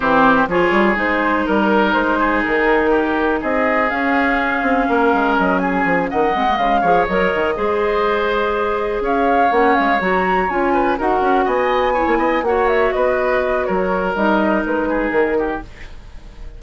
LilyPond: <<
  \new Staff \with { instrumentName = "flute" } { \time 4/4 \tempo 4 = 123 c''4 cis''4 c''4 ais'4 | c''4 ais'2 dis''4 | f''2. dis''8 gis''8~ | gis''8 fis''4 f''4 dis''4.~ |
dis''2~ dis''8 f''4 fis''8 | f''8 ais''4 gis''4 fis''4 gis''8~ | gis''4. fis''8 e''8 dis''4. | cis''4 dis''4 b'4 ais'4 | }
  \new Staff \with { instrumentName = "oboe" } { \time 4/4 g'4 gis'2 ais'4~ | ais'8 gis'4. g'4 gis'4~ | gis'2 ais'4. gis'8~ | gis'8 dis''4. cis''4. c''8~ |
c''2~ c''8 cis''4.~ | cis''2 b'8 ais'4 dis''8~ | dis''8 cis''8 dis''8 cis''4 b'4. | ais'2~ ais'8 gis'4 g'8 | }
  \new Staff \with { instrumentName = "clarinet" } { \time 4/4 c'4 f'4 dis'2~ | dis'1 | cis'1~ | cis'4 c'16 ais16 gis8 gis'8 ais'4 gis'8~ |
gis'2.~ gis'8 cis'8~ | cis'8 fis'4 f'4 fis'4.~ | fis'8 e'4 fis'2~ fis'8~ | fis'4 dis'2. | }
  \new Staff \with { instrumentName = "bassoon" } { \time 4/4 e4 f8 g8 gis4 g4 | gis4 dis2 c'4 | cis'4. c'8 ais8 gis8 fis4 | f8 dis8 gis8 cis8 f8 fis8 dis8 gis8~ |
gis2~ gis8 cis'4 ais8 | gis8 fis4 cis'4 dis'8 cis'8 b8~ | b8. ais16 b8 ais4 b4. | fis4 g4 gis4 dis4 | }
>>